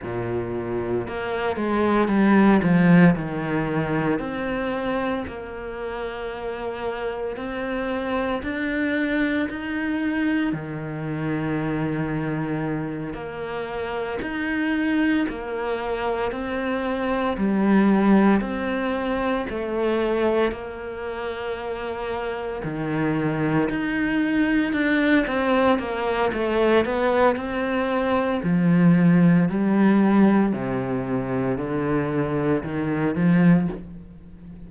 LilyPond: \new Staff \with { instrumentName = "cello" } { \time 4/4 \tempo 4 = 57 ais,4 ais8 gis8 g8 f8 dis4 | c'4 ais2 c'4 | d'4 dis'4 dis2~ | dis8 ais4 dis'4 ais4 c'8~ |
c'8 g4 c'4 a4 ais8~ | ais4. dis4 dis'4 d'8 | c'8 ais8 a8 b8 c'4 f4 | g4 c4 d4 dis8 f8 | }